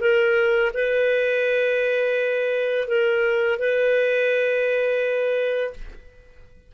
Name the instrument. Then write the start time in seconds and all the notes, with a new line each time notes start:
clarinet
0.00 A#4
0.74 B4
2.88 A#4
3.59 B4